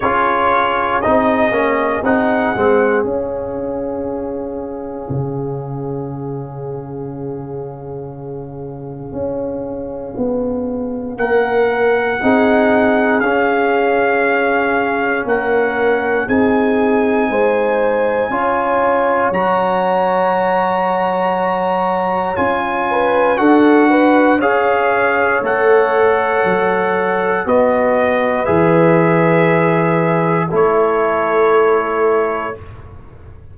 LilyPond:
<<
  \new Staff \with { instrumentName = "trumpet" } { \time 4/4 \tempo 4 = 59 cis''4 dis''4 fis''4 f''4~ | f''1~ | f''2. fis''4~ | fis''4 f''2 fis''4 |
gis''2. ais''4~ | ais''2 gis''4 fis''4 | f''4 fis''2 dis''4 | e''2 cis''2 | }
  \new Staff \with { instrumentName = "horn" } { \time 4/4 gis'1~ | gis'1~ | gis'2. ais'4 | gis'2. ais'4 |
gis'4 c''4 cis''2~ | cis''2~ cis''8 b'8 a'8 b'8 | cis''2. b'4~ | b'2 a'2 | }
  \new Staff \with { instrumentName = "trombone" } { \time 4/4 f'4 dis'8 cis'8 dis'8 c'8 cis'4~ | cis'1~ | cis'1 | dis'4 cis'2. |
dis'2 f'4 fis'4~ | fis'2 f'4 fis'4 | gis'4 a'2 fis'4 | gis'2 e'2 | }
  \new Staff \with { instrumentName = "tuba" } { \time 4/4 cis'4 c'8 ais8 c'8 gis8 cis'4~ | cis'4 cis2.~ | cis4 cis'4 b4 ais4 | c'4 cis'2 ais4 |
c'4 gis4 cis'4 fis4~ | fis2 cis'4 d'4 | cis'4 a4 fis4 b4 | e2 a2 | }
>>